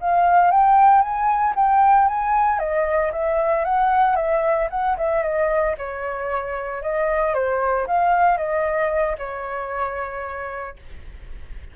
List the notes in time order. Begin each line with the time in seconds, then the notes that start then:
0.00 F5
0.51 G5
1.01 G#5
1.56 G5
2.08 G#5
2.59 D#5
3.12 E5
3.64 F#5
4.16 E5
4.70 F#5
4.97 E5
5.23 D#5
5.78 C#5
6.82 D#5
7.34 C5
7.87 F5
8.37 D#5
9.18 C#5